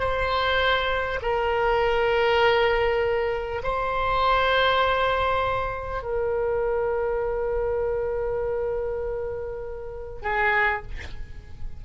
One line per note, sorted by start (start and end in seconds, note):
0.00 1.20 C5
1.23 3.63 A#4
3.63 6.03 C5
6.03 10.23 A#4
10.23 10.83 G#4